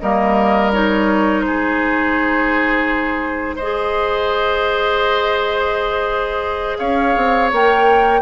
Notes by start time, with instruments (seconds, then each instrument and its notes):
0.00 bassoon G3, clarinet A#3, oboe A#4, flute D#5
0.72 clarinet D#4, flute C#5
1.41 bassoon G#3, oboe G#4, flute C5
3.56 clarinet G#4, oboe C5, flute D#5
6.78 bassoon C#4, oboe C#5, flute F5
7.16 bassoon C4
7.51 bassoon A#3, clarinet A#4, flute G5